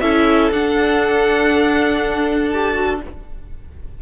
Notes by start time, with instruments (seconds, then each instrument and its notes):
0.00 cello C#4, viola E4, violin A4 E5
0.51 cello D4, viola D4, violin F#5
2.50 viola G4, violin A5
2.74 viola F#4